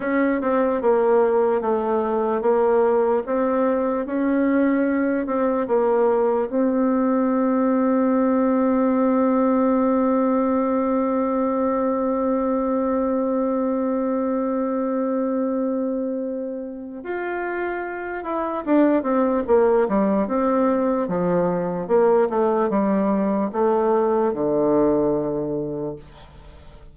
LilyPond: \new Staff \with { instrumentName = "bassoon" } { \time 4/4 \tempo 4 = 74 cis'8 c'8 ais4 a4 ais4 | c'4 cis'4. c'8 ais4 | c'1~ | c'1~ |
c'1~ | c'4 f'4. e'8 d'8 c'8 | ais8 g8 c'4 f4 ais8 a8 | g4 a4 d2 | }